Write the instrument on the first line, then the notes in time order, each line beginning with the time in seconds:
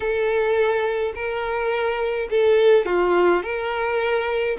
violin
0.00 A4
1.14 A#4
2.30 A4
2.85 F4
3.42 A#4